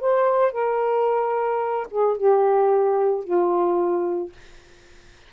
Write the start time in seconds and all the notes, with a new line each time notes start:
0.00 C5
0.52 A#4
1.90 G#4
2.17 G4
3.24 F4